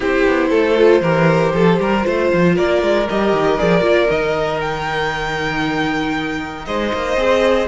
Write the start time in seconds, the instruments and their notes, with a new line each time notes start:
0.00 cello C4, viola E4, violin G4 C5
0.26 cello B3
0.49 cello A3, violin A4
0.77 viola F4
1.01 cello E3, viola G4, violin A#4
1.53 cello F3, violin A4
1.79 cello G3, violin A#4
2.02 cello A3, viola F4, violin C5
2.33 cello F3
2.55 cello A#3, violin A#4 D5
2.82 cello G#3
3.09 cello G3, viola G4, violin D#5
3.32 cello D#3
3.58 cello F3, viola G#4, violin D5
3.81 cello A#3, viola F4
4.10 cello D#3, viola D#4, violin D#5
4.60 violin G5
6.65 cello G#3, violin C5 D#5
6.93 cello A#3
7.16 cello C4, viola G#4